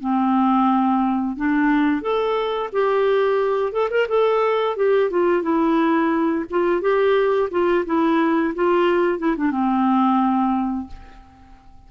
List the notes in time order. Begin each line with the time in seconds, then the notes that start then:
0.00 C4
1.36 D4
2.01 A4
2.72 G4
3.72 A4
3.90 A#4
4.08 A4
4.76 G4
5.10 F4
5.42 E4
6.50 F4
6.81 G4
7.51 F4
7.85 E4
8.54 F4
9.18 E4
9.37 D4
9.51 C4